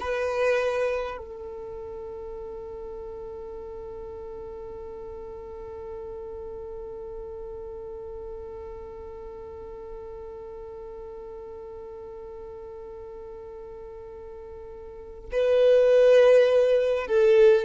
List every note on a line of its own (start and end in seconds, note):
0.00 1.18 B4
1.18 15.30 A4
15.32 17.07 B4
17.07 17.65 A4